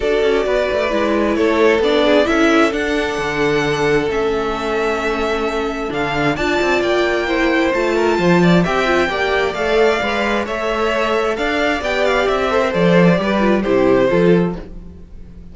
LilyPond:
<<
  \new Staff \with { instrumentName = "violin" } { \time 4/4 \tempo 4 = 132 d''2. cis''4 | d''4 e''4 fis''2~ | fis''4 e''2.~ | e''4 f''4 a''4 g''4~ |
g''4 a''2 g''4~ | g''4 f''2 e''4~ | e''4 f''4 g''8 f''8 e''4 | d''2 c''2 | }
  \new Staff \with { instrumentName = "violin" } { \time 4/4 a'4 b'2 a'4~ | a'8 gis'8 a'2.~ | a'1~ | a'2 d''2 |
c''4. ais'8 c''8 d''8 e''4 | d''2. cis''4~ | cis''4 d''2~ d''8 c''8~ | c''4 b'4 g'4 a'4 | }
  \new Staff \with { instrumentName = "viola" } { \time 4/4 fis'2 e'2 | d'4 e'4 d'2~ | d'4 cis'2.~ | cis'4 d'4 f'2 |
e'4 f'2 g'8 f'8 | g'4 a'4 b'4 a'4~ | a'2 g'4. a'16 ais'16 | a'4 g'8 f'8 e'4 f'4 | }
  \new Staff \with { instrumentName = "cello" } { \time 4/4 d'8 cis'8 b8 a8 gis4 a4 | b4 cis'4 d'4 d4~ | d4 a2.~ | a4 d4 d'8 c'8 ais4~ |
ais4 a4 f4 c'4 | ais4 a4 gis4 a4~ | a4 d'4 b4 c'4 | f4 g4 c4 f4 | }
>>